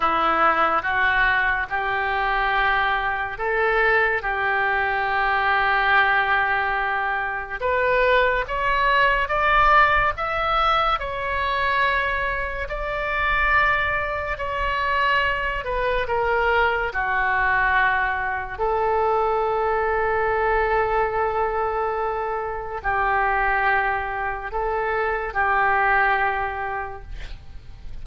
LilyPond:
\new Staff \with { instrumentName = "oboe" } { \time 4/4 \tempo 4 = 71 e'4 fis'4 g'2 | a'4 g'2.~ | g'4 b'4 cis''4 d''4 | e''4 cis''2 d''4~ |
d''4 cis''4. b'8 ais'4 | fis'2 a'2~ | a'2. g'4~ | g'4 a'4 g'2 | }